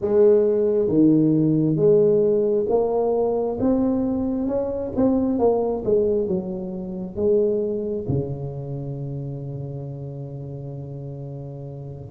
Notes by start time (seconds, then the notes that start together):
0.01 G#3
0.88 D#3
1.75 G#3
2.68 A#3
3.60 C4
4.47 C#4
4.95 C4
5.39 A#3
5.85 G#3
6.27 F#3
7.16 G#3
8.08 C#3